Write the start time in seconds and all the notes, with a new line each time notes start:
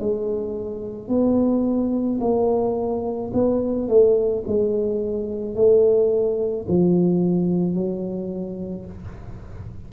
0.00 G#3
1.08 B3
2.20 A#3
3.33 B3
3.88 A3
4.47 G#3
5.55 A3
6.68 F3
7.74 F#3